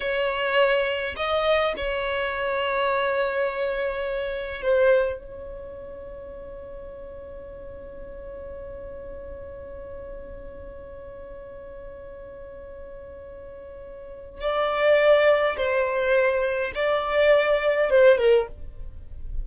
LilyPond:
\new Staff \with { instrumentName = "violin" } { \time 4/4 \tempo 4 = 104 cis''2 dis''4 cis''4~ | cis''1 | c''4 cis''2.~ | cis''1~ |
cis''1~ | cis''1~ | cis''4 d''2 c''4~ | c''4 d''2 c''8 ais'8 | }